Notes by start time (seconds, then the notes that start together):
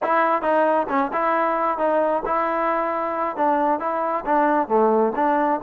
0.02 E4
0.42 D#4
0.88 C#4
1.13 E4
1.77 D#4
2.25 E4
3.36 D4
3.79 E4
4.25 D4
4.68 A3
5.15 D4